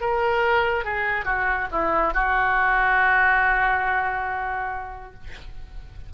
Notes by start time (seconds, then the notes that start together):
0.00 A#4
0.84 G#4
1.25 F#4
1.71 E4
2.13 F#4